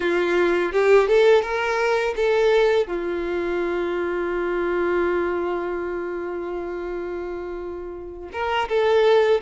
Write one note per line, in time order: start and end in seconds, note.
0.00 0.72 F4
0.72 1.07 G4
1.07 1.42 A4
1.42 2.14 A#4
2.16 2.87 A4
2.87 8.29 F4
8.32 8.68 A#4
8.68 9.40 A4